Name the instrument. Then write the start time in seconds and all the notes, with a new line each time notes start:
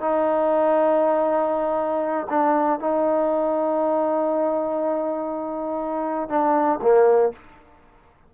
trombone
0.00 D#4
2.29 D4
2.79 D#4
6.29 D4
6.82 A#3